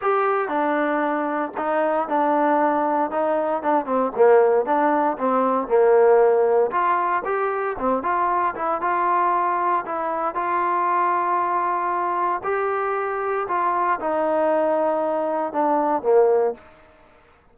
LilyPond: \new Staff \with { instrumentName = "trombone" } { \time 4/4 \tempo 4 = 116 g'4 d'2 dis'4 | d'2 dis'4 d'8 c'8 | ais4 d'4 c'4 ais4~ | ais4 f'4 g'4 c'8 f'8~ |
f'8 e'8 f'2 e'4 | f'1 | g'2 f'4 dis'4~ | dis'2 d'4 ais4 | }